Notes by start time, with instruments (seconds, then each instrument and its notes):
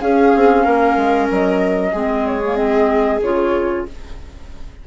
0.00 bassoon C#4, clarinet C#4, viola G#4, flute F5
0.36 bassoon C4
0.63 bassoon A#3, viola A#4
0.96 bassoon G#3
1.30 bassoon F#3, flute D#5
1.92 bassoon G#3, clarinet C4, viola G#4
2.27 flute C#5
2.44 clarinet A#3
2.55 clarinet C4, flute D#5
3.21 bassoon C#3, clarinet F4, flute C#5